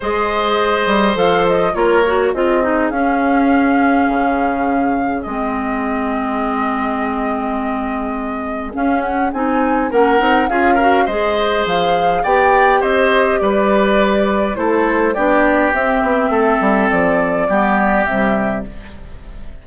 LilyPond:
<<
  \new Staff \with { instrumentName = "flute" } { \time 4/4 \tempo 4 = 103 dis''2 f''8 dis''8 cis''4 | dis''4 f''2.~ | f''4 dis''2.~ | dis''2. f''8 fis''8 |
gis''4 fis''4 f''4 dis''4 | f''4 g''4 dis''4 d''4~ | d''4 c''4 d''4 e''4~ | e''4 d''2 e''4 | }
  \new Staff \with { instrumentName = "oboe" } { \time 4/4 c''2. ais'4 | gis'1~ | gis'1~ | gis'1~ |
gis'4 ais'4 gis'8 ais'8 c''4~ | c''4 d''4 c''4 b'4~ | b'4 a'4 g'2 | a'2 g'2 | }
  \new Staff \with { instrumentName = "clarinet" } { \time 4/4 gis'2 a'4 f'8 fis'8 | f'8 dis'8 cis'2.~ | cis'4 c'2.~ | c'2. cis'4 |
dis'4 cis'8 dis'8 f'8 fis'8 gis'4~ | gis'4 g'2.~ | g'4 e'4 d'4 c'4~ | c'2 b4 g4 | }
  \new Staff \with { instrumentName = "bassoon" } { \time 4/4 gis4. g8 f4 ais4 | c'4 cis'2 cis4~ | cis4 gis2.~ | gis2. cis'4 |
c'4 ais8 c'8 cis'4 gis4 | f4 b4 c'4 g4~ | g4 a4 b4 c'8 b8 | a8 g8 f4 g4 c4 | }
>>